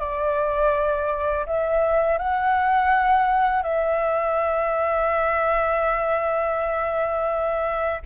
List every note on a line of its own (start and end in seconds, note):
0.00 1.46 D5
1.47 2.19 E5
2.19 3.63 F#5
3.63 8.02 E5